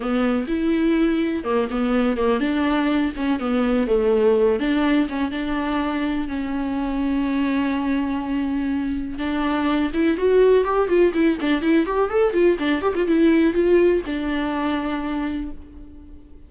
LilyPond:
\new Staff \with { instrumentName = "viola" } { \time 4/4 \tempo 4 = 124 b4 e'2 ais8 b8~ | b8 ais8 d'4. cis'8 b4 | a4. d'4 cis'8 d'4~ | d'4 cis'2.~ |
cis'2. d'4~ | d'8 e'8 fis'4 g'8 f'8 e'8 d'8 | e'8 g'8 a'8 f'8 d'8 g'16 f'16 e'4 | f'4 d'2. | }